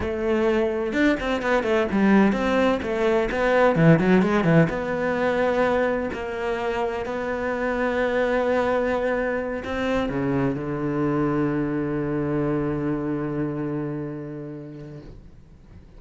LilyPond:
\new Staff \with { instrumentName = "cello" } { \time 4/4 \tempo 4 = 128 a2 d'8 c'8 b8 a8 | g4 c'4 a4 b4 | e8 fis8 gis8 e8 b2~ | b4 ais2 b4~ |
b1~ | b8 c'4 cis4 d4.~ | d1~ | d1 | }